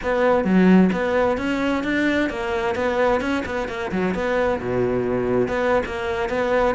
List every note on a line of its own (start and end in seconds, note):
0.02 0.44 B3
0.44 0.90 F#3
0.92 1.37 B3
1.37 1.83 C#4
1.83 2.29 D4
2.29 2.75 A#3
2.75 3.20 B3
3.20 3.43 C#4
3.45 3.68 B3
3.68 3.91 A#3
3.91 4.14 F#3
4.14 4.60 B3
4.60 5.48 B2
5.48 5.82 B3
5.86 6.29 A#3
6.29 6.75 B3